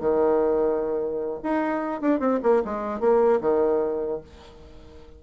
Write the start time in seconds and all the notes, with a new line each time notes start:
0.00 D#3
1.43 D#4
2.01 D4
2.20 C4
2.43 A#3
2.65 G#3
3.00 A#3
3.41 D#3